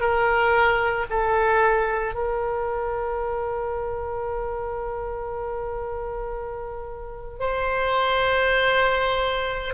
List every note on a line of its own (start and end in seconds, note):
0.00 1.05 A#4
1.10 2.14 A4
2.14 7.39 A#4
7.39 9.74 C5